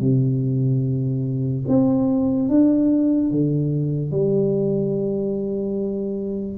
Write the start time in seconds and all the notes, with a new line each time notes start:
0.00 C3
1.68 C4
2.49 D4
3.31 D3
4.11 G3